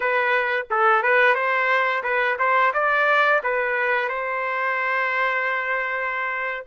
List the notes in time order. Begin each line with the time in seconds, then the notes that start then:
0.00 B4
0.70 A4
1.03 B4
1.35 C5
2.03 B4
2.38 C5
2.73 D5
3.43 B4
4.08 C5